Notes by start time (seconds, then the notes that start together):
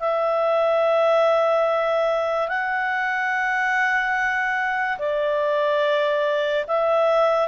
0.00 E5
2.48 F#5
4.99 D5
6.67 E5